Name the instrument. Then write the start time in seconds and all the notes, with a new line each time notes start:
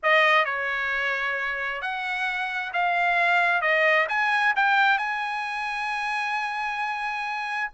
trumpet
0.02 D#5
0.45 C#5
1.81 F#5
2.73 F5
3.61 D#5
4.08 G#5
4.56 G5
4.98 G#5